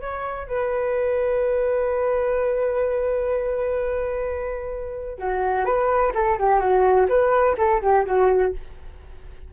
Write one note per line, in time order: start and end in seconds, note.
0.00 0.47 C#5
0.47 5.18 B4
5.18 5.65 F#4
5.65 6.12 B4
6.14 6.38 A4
6.38 6.59 G4
6.59 7.07 F#4
7.08 7.56 B4
7.57 7.81 A4
7.81 8.05 G4
8.05 8.52 F#4